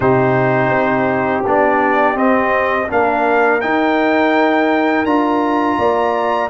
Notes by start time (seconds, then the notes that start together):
0.00 C3 D#4 G4 C5
0.70 C4
1.45 B3 D4 D5
2.15 C4 D#5
2.88 A#3 D4 A#4 F5
3.61 D#4 G5
5.05 D4 F4 A#5
5.78 A#3 D5